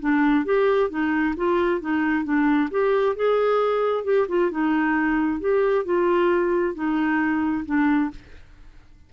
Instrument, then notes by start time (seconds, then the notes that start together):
clarinet
0.00 D4
0.45 G4
0.90 D#4
1.37 F4
1.81 D#4
2.25 D4
2.71 G4
3.16 G#4
4.05 G4
4.29 F4
4.51 D#4
5.40 G4
5.85 F4
6.75 D#4
7.65 D4